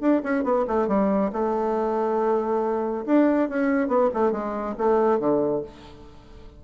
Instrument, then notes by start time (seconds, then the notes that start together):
bassoon
0.00 D4
0.23 C#4
0.43 B3
0.67 A3
0.87 G3
1.32 A3
3.05 D4
3.48 C#4
3.87 B3
4.13 A3
4.32 G#3
4.77 A3
5.19 D3